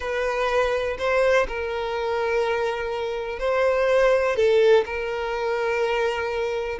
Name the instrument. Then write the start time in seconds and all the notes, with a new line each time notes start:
violin
0.00 B4
0.98 C5
1.48 A#4
3.39 C5
4.35 A4
4.85 A#4